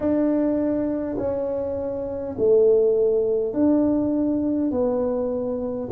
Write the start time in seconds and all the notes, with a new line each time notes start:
0.00 D4
1.18 C#4
2.38 A3
3.53 D4
4.71 B3